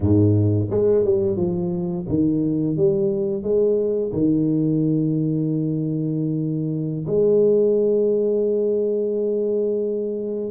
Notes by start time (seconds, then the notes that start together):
0.00 G#2
0.70 G#3
1.05 G3
1.36 F3
2.08 D#3
2.76 G3
3.43 G#3
4.12 D#3
7.07 G#3